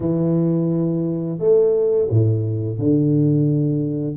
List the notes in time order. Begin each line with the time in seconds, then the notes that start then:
0.00 E3
1.38 A3
2.10 A2
2.78 D3